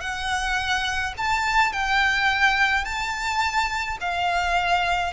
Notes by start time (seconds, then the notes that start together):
0.00 F#5
1.17 A5
1.72 G5
2.84 A5
4.00 F5